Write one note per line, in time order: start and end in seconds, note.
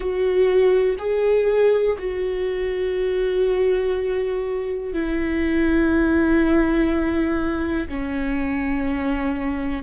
0.00 0.96 F#4
0.98 1.97 G#4
1.98 4.93 F#4
4.93 7.88 E4
7.88 9.83 C#4